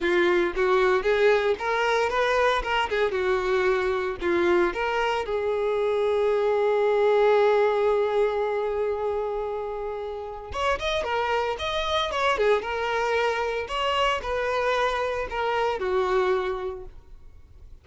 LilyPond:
\new Staff \with { instrumentName = "violin" } { \time 4/4 \tempo 4 = 114 f'4 fis'4 gis'4 ais'4 | b'4 ais'8 gis'8 fis'2 | f'4 ais'4 gis'2~ | gis'1~ |
gis'1 | cis''8 dis''8 ais'4 dis''4 cis''8 gis'8 | ais'2 cis''4 b'4~ | b'4 ais'4 fis'2 | }